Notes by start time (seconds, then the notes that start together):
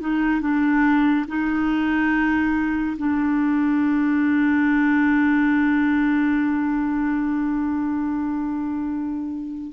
0.00 D#4
0.41 D4
1.27 D#4
2.97 D4